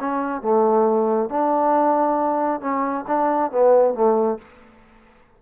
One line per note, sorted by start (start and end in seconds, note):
0.00 0.42 C#4
0.42 1.30 A3
1.30 2.61 D4
2.61 3.05 C#4
3.08 3.52 D4
3.52 3.94 B3
3.94 4.39 A3